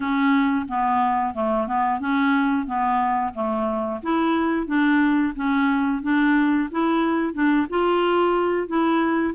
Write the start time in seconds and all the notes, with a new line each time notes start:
0.00 C#4
0.68 B3
1.34 A3
1.67 B3
1.99 C#4
2.66 B3
3.34 A3
4.02 E4
4.67 D4
5.35 C#4
6.02 D4
6.71 E4
7.33 D4
7.69 F4
8.67 E4